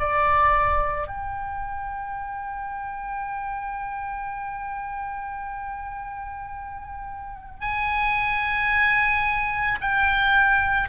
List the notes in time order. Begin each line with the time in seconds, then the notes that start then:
0.00 D5
1.08 G5
7.61 G#5
9.81 G5